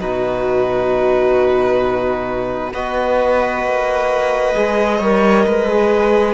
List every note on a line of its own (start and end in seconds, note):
0.00 2.73 B2
0.00 2.73 D#4
0.00 2.72 F#4
0.00 2.73 B4
2.72 3.64 B3
2.72 4.55 F#4
2.72 4.98 B4
2.72 6.34 D#5
3.64 4.55 A#3
4.55 5.00 G#3
4.55 5.00 G#4
4.98 5.45 G3
4.98 5.70 A#4
4.98 5.44 C#5
5.45 6.34 G#3
5.45 6.34 B4
5.70 6.34 G#4